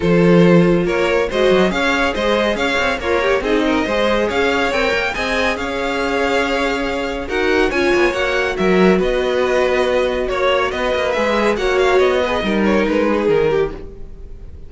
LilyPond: <<
  \new Staff \with { instrumentName = "violin" } { \time 4/4 \tempo 4 = 140 c''2 cis''4 dis''4 | f''4 dis''4 f''4 cis''4 | dis''2 f''4 g''4 | gis''4 f''2.~ |
f''4 fis''4 gis''4 fis''4 | e''4 dis''2. | cis''4 dis''4 e''4 fis''8 f''8 | dis''4. cis''8 b'4 ais'4 | }
  \new Staff \with { instrumentName = "violin" } { \time 4/4 a'2 ais'4 c''4 | cis''4 c''4 cis''4 f'8 g'8 | gis'8 ais'8 c''4 cis''2 | dis''4 cis''2.~ |
cis''4 ais'4 cis''2 | ais'4 b'2. | cis''4 b'2 cis''4~ | cis''8 b'8 ais'4. gis'4 g'8 | }
  \new Staff \with { instrumentName = "viola" } { \time 4/4 f'2. fis'4 | gis'2. ais'4 | dis'4 gis'2 ais'4 | gis'1~ |
gis'4 fis'4 f'4 fis'4~ | fis'1~ | fis'2 gis'4 fis'4~ | fis'8 gis'8 dis'2. | }
  \new Staff \with { instrumentName = "cello" } { \time 4/4 f2 ais4 gis8 fis8 | cis'4 gis4 cis'8 c'8 ais4 | c'4 gis4 cis'4 c'8 ais8 | c'4 cis'2.~ |
cis'4 dis'4 cis'8 b8 ais4 | fis4 b2. | ais4 b8 ais8 gis4 ais4 | b4 g4 gis4 dis4 | }
>>